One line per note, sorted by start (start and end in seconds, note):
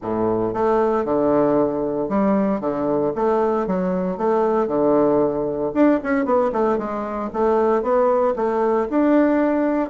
0.01 0.53 A2
0.53 1.04 A3
1.04 2.08 D3
2.08 2.60 G3
2.60 3.12 D3
3.15 3.66 A3
3.66 4.17 F#3
4.17 4.67 A3
4.67 5.72 D3
5.74 6.00 D4
6.03 6.25 C#4
6.25 6.51 B3
6.52 6.78 A3
6.78 7.30 G#3
7.33 7.82 A3
7.82 8.34 B3
8.35 8.88 A3
8.90 9.89 D4